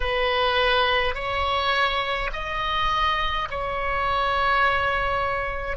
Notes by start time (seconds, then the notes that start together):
0.00 B4
1.14 C#5
2.32 D#5
3.50 C#5